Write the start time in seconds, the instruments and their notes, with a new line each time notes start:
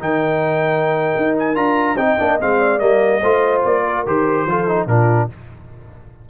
0.00 tuba D#3, trombone D#4, horn A#4, trumpet G5
1.17 tuba D#4
1.39 trumpet G#5
1.55 tuba D4, trombone F4, trumpet A#5
1.97 tuba C4, trombone D#4, horn D#5, trumpet G5
2.19 tuba A#3, trombone D4
2.40 tuba G#3, trombone C4, trumpet F5
2.59 horn D5
2.79 tuba G3, trombone A#3, trumpet D#5
3.21 tuba A3, trombone F4, horn C5
3.65 tuba A#3, trumpet D5
3.85 horn A#4
4.06 tuba D#3, trombone G4, trumpet C5
4.46 tuba F3, trombone F4, horn A4
4.68 trombone D#4
4.87 tuba A#2, trombone D4, horn F4, trumpet A#4